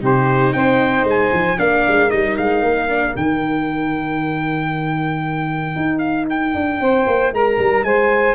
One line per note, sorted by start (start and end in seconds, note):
0.00 0.54 C3
0.00 1.57 D#4
0.00 0.53 G4
0.00 0.53 C5
0.53 1.04 C4
0.53 1.58 C5
0.53 1.05 G5
1.04 1.30 G#3
1.04 1.59 G#5
1.32 1.59 F3
1.57 1.85 A#3
1.57 2.09 D4
1.57 6.80 A#4
1.57 2.11 F5
1.88 2.12 G#3
2.10 2.38 G3
2.10 2.88 D#4
2.10 2.37 D#5
2.37 2.62 G#3
2.37 3.16 F5
2.62 3.14 A#3
2.88 3.14 D4
3.14 5.76 D#3
3.14 8.35 D#4
3.14 5.99 G5
5.76 6.54 D#4
5.99 6.25 F5
6.30 7.34 G5
6.55 6.80 D4
6.80 7.07 C4
6.80 7.33 C5
7.07 7.33 A#3
7.33 7.59 G#3
7.33 7.85 A#4
7.33 7.84 A#5
7.59 7.84 G3
7.84 8.35 G#3
7.84 8.35 C5
7.84 8.35 G#5